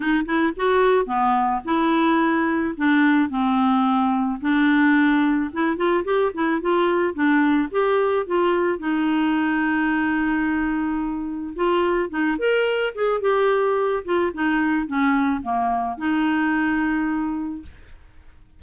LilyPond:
\new Staff \with { instrumentName = "clarinet" } { \time 4/4 \tempo 4 = 109 dis'8 e'8 fis'4 b4 e'4~ | e'4 d'4 c'2 | d'2 e'8 f'8 g'8 e'8 | f'4 d'4 g'4 f'4 |
dis'1~ | dis'4 f'4 dis'8 ais'4 gis'8 | g'4. f'8 dis'4 cis'4 | ais4 dis'2. | }